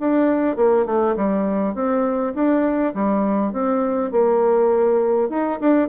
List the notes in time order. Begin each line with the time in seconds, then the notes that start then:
0.00 D4
0.56 A#3
0.86 A3
1.17 G3
1.75 C4
2.35 D4
2.95 G3
3.53 C4
4.12 A#3
5.30 D#4
5.61 D4